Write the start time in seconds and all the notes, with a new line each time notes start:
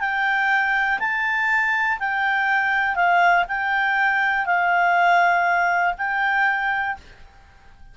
0.00 G5
1.00 A5
1.99 G5
2.95 F5
3.48 G5
4.46 F5
5.98 G5